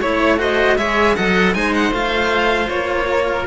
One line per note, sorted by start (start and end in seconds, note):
0.00 0.77 A3
0.00 0.37 E4
0.00 0.38 C#5
0.00 0.39 C#5
0.37 0.76 F#4
0.37 0.77 C5
0.37 0.77 D#5
0.77 1.16 G#3
0.77 1.16 G#4
0.77 1.16 C#5
0.77 1.15 E5
1.15 1.54 F#3
1.15 1.54 A4
1.15 1.54 D#5
1.15 1.54 F#5
1.54 1.91 G#3
1.54 1.92 D#4
1.54 3.09 C5
1.54 1.73 G#5
1.74 1.93 F#5
1.91 2.68 A3
1.91 3.47 F4
1.91 2.69 F5
2.69 3.47 A#3
2.69 3.46 C#5
3.11 3.47 A#4